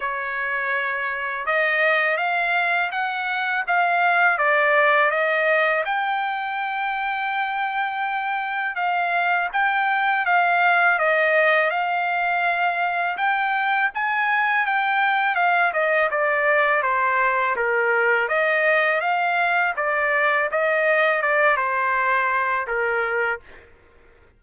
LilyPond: \new Staff \with { instrumentName = "trumpet" } { \time 4/4 \tempo 4 = 82 cis''2 dis''4 f''4 | fis''4 f''4 d''4 dis''4 | g''1 | f''4 g''4 f''4 dis''4 |
f''2 g''4 gis''4 | g''4 f''8 dis''8 d''4 c''4 | ais'4 dis''4 f''4 d''4 | dis''4 d''8 c''4. ais'4 | }